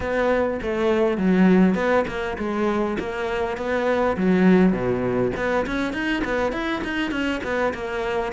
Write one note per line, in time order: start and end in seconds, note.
0.00 0.59 B3
0.62 1.17 A3
1.17 1.74 F#3
1.74 2.04 B3
2.07 2.37 A#3
2.38 2.97 G#3
2.99 3.57 A#3
3.57 4.16 B3
4.16 4.72 F#3
4.72 5.31 B2
5.36 5.66 B3
5.66 5.93 C#4
5.93 6.22 D#4
6.24 6.52 B3
6.52 6.82 E4
6.84 7.11 D#4
7.11 7.41 C#4
7.43 7.73 B3
7.74 8.32 A#3